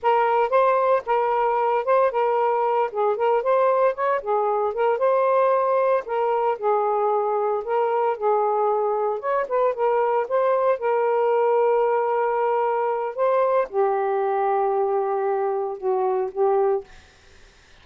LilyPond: \new Staff \with { instrumentName = "saxophone" } { \time 4/4 \tempo 4 = 114 ais'4 c''4 ais'4. c''8 | ais'4. gis'8 ais'8 c''4 cis''8 | gis'4 ais'8 c''2 ais'8~ | ais'8 gis'2 ais'4 gis'8~ |
gis'4. cis''8 b'8 ais'4 c''8~ | c''8 ais'2.~ ais'8~ | ais'4 c''4 g'2~ | g'2 fis'4 g'4 | }